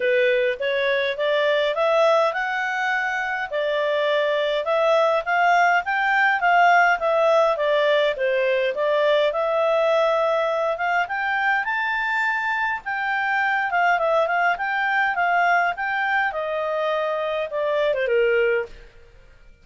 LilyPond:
\new Staff \with { instrumentName = "clarinet" } { \time 4/4 \tempo 4 = 103 b'4 cis''4 d''4 e''4 | fis''2 d''2 | e''4 f''4 g''4 f''4 | e''4 d''4 c''4 d''4 |
e''2~ e''8 f''8 g''4 | a''2 g''4. f''8 | e''8 f''8 g''4 f''4 g''4 | dis''2 d''8. c''16 ais'4 | }